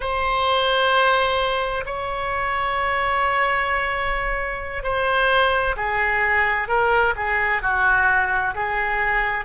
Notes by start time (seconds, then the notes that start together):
0.00 C5
1.85 C#5
4.83 C5
5.76 G#4
6.68 A#4
7.16 G#4
7.62 F#4
8.54 G#4